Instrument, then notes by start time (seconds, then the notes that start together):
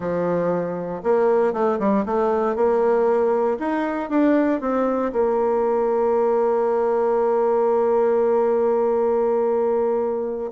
bassoon
0.00 F3
1.03 A#3
1.53 A3
1.79 G3
2.05 A3
2.55 A#3
3.59 D#4
4.09 D4
4.60 C4
5.12 A#3